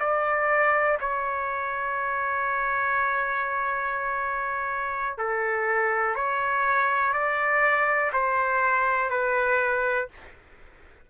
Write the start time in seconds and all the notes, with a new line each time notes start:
0.00 D5
1.01 C#5
5.19 A4
6.16 C#5
7.14 D5
8.13 C5
9.10 B4